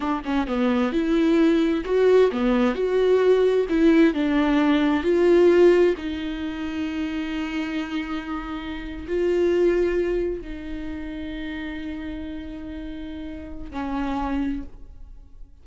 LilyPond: \new Staff \with { instrumentName = "viola" } { \time 4/4 \tempo 4 = 131 d'8 cis'8 b4 e'2 | fis'4 b4 fis'2 | e'4 d'2 f'4~ | f'4 dis'2.~ |
dis'2.~ dis'8. f'16~ | f'2~ f'8. dis'4~ dis'16~ | dis'1~ | dis'2 cis'2 | }